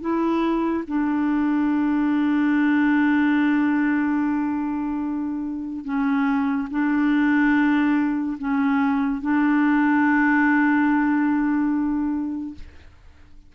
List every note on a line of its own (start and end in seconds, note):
0.00 0.83 E4
0.87 5.84 D4
5.84 6.68 C#4
6.70 8.37 D4
8.38 9.21 C#4
9.21 12.55 D4